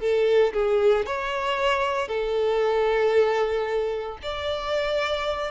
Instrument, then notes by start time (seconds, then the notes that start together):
violin
0.00 A4
0.53 G#4
1.06 C#5
2.08 A4
4.22 D5